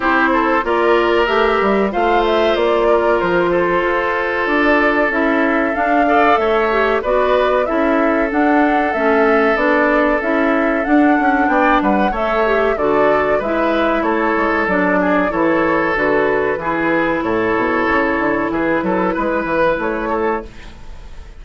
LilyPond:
<<
  \new Staff \with { instrumentName = "flute" } { \time 4/4 \tempo 4 = 94 c''4 d''4 e''4 f''8 e''8 | d''4 c''2 d''4 | e''4 f''4 e''4 d''4 | e''4 fis''4 e''4 d''4 |
e''4 fis''4 g''8 fis''8 e''4 | d''4 e''4 cis''4 d''4 | cis''4 b'2 cis''4~ | cis''4 b'2 cis''4 | }
  \new Staff \with { instrumentName = "oboe" } { \time 4/4 g'8 a'8 ais'2 c''4~ | c''8 ais'4 a'2~ a'8~ | a'4. d''8 cis''4 b'4 | a'1~ |
a'2 d''8 b'8 cis''4 | a'4 b'4 a'4. gis'8 | a'2 gis'4 a'4~ | a'4 gis'8 a'8 b'4. a'8 | }
  \new Staff \with { instrumentName = "clarinet" } { \time 4/4 e'4 f'4 g'4 f'4~ | f'1 | e'4 d'8 a'4 g'8 fis'4 | e'4 d'4 cis'4 d'4 |
e'4 d'2 a'8 g'8 | fis'4 e'2 d'4 | e'4 fis'4 e'2~ | e'1 | }
  \new Staff \with { instrumentName = "bassoon" } { \time 4/4 c'4 ais4 a8 g8 a4 | ais4 f4 f'4 d'4 | cis'4 d'4 a4 b4 | cis'4 d'4 a4 b4 |
cis'4 d'8 cis'8 b8 g8 a4 | d4 gis4 a8 gis8 fis4 | e4 d4 e4 a,8 b,8 | cis8 d8 e8 fis8 gis8 e8 a4 | }
>>